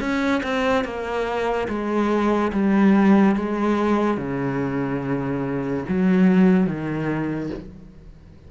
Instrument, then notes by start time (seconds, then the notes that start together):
cello
0.00 C#4
0.43 C4
0.84 A#3
1.68 G#3
2.52 G3
3.36 G#3
4.17 C#3
5.88 F#3
6.67 D#3